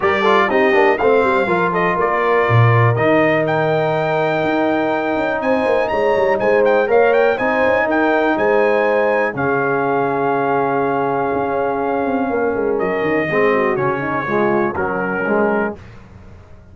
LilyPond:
<<
  \new Staff \with { instrumentName = "trumpet" } { \time 4/4 \tempo 4 = 122 d''4 dis''4 f''4. dis''8 | d''2 dis''4 g''4~ | g''2. gis''4 | ais''4 gis''8 g''8 f''8 g''8 gis''4 |
g''4 gis''2 f''4~ | f''1~ | f''2 dis''2 | cis''2 ais'2 | }
  \new Staff \with { instrumentName = "horn" } { \time 4/4 ais'8 a'8 g'4 c''4 ais'8 a'8 | ais'1~ | ais'2. c''4 | cis''4 c''4 cis''4 c''4 |
ais'4 c''2 gis'4~ | gis'1~ | gis'4 ais'2 gis'8 fis'8~ | fis'8 dis'8 f'4 cis'2 | }
  \new Staff \with { instrumentName = "trombone" } { \time 4/4 g'8 f'8 dis'8 d'8 c'4 f'4~ | f'2 dis'2~ | dis'1~ | dis'2 ais'4 dis'4~ |
dis'2. cis'4~ | cis'1~ | cis'2. c'4 | cis'4 gis4 fis4 gis4 | }
  \new Staff \with { instrumentName = "tuba" } { \time 4/4 g4 c'8 ais8 a8 g8 f4 | ais4 ais,4 dis2~ | dis4 dis'4. cis'8 c'8 ais8 | gis8 g8 gis4 ais4 c'8 cis'8 |
dis'4 gis2 cis4~ | cis2. cis'4~ | cis'8 c'8 ais8 gis8 fis8 dis8 gis4 | cis2 fis2 | }
>>